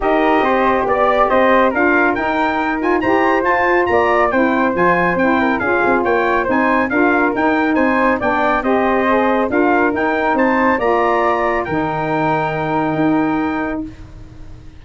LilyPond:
<<
  \new Staff \with { instrumentName = "trumpet" } { \time 4/4 \tempo 4 = 139 dis''2 d''4 dis''4 | f''4 g''4. gis''8 ais''4 | a''4 ais''4 g''4 gis''4 | g''4 f''4 g''4 gis''4 |
f''4 g''4 gis''4 g''4 | dis''2 f''4 g''4 | a''4 ais''2 g''4~ | g''1 | }
  \new Staff \with { instrumentName = "flute" } { \time 4/4 ais'4 c''4 d''4 c''4 | ais'2. c''4~ | c''4 d''4 c''2~ | c''8 ais'8 gis'4 cis''4 c''4 |
ais'2 c''4 d''4 | c''2 ais'2 | c''4 d''2 ais'4~ | ais'1 | }
  \new Staff \with { instrumentName = "saxophone" } { \time 4/4 g'1 | f'4 dis'4. f'8 g'4 | f'2 e'4 f'4 | e'4 f'2 dis'4 |
f'4 dis'2 d'4 | g'4 gis'4 f'4 dis'4~ | dis'4 f'2 dis'4~ | dis'1 | }
  \new Staff \with { instrumentName = "tuba" } { \time 4/4 dis'4 c'4 b4 c'4 | d'4 dis'2 e'4 | f'4 ais4 c'4 f4 | c'4 cis'8 c'8 ais4 c'4 |
d'4 dis'4 c'4 b4 | c'2 d'4 dis'4 | c'4 ais2 dis4~ | dis2 dis'2 | }
>>